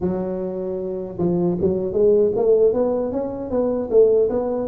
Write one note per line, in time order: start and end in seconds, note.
0.00 1.17 F#3
1.18 1.57 F3
1.60 1.92 F#3
1.92 2.31 G#3
2.36 2.73 A3
2.73 3.12 B3
3.12 3.50 C#4
3.50 3.89 B3
3.90 4.29 A3
4.29 4.68 B3